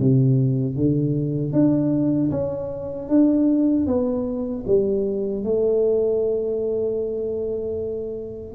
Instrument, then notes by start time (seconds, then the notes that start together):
tuba
0.00 C3
0.77 D3
1.53 D4
2.31 C#4
3.09 D4
3.87 B3
4.67 G3
5.44 A3